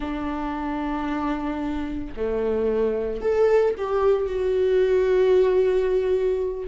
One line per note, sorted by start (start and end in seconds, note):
0.00 2.14 D4
2.16 3.21 A3
3.21 3.74 A4
3.77 4.27 G4
4.27 6.67 F#4